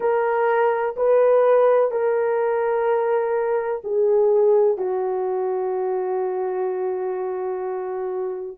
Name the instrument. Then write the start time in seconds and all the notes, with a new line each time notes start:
horn
0.00 A#4
0.96 B4
1.90 A#4
3.84 G#4
4.77 F#4